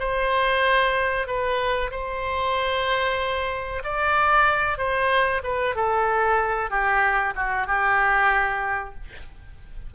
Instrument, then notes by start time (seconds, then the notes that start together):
oboe
0.00 C5
1.27 B4
1.92 C5
3.84 D5
4.78 C5
5.44 B4
5.76 A4
6.71 G4
7.36 F#4
7.67 G4